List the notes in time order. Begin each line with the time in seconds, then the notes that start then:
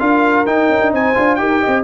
0.00 D4 F4 A#4 F5
0.47 D#4 G5
0.69 C#4
0.82 D4
0.93 C4 C5 G#5
1.15 D4 F4
1.36 D#4 G4 A#4 G5
1.61 D#5
1.68 C4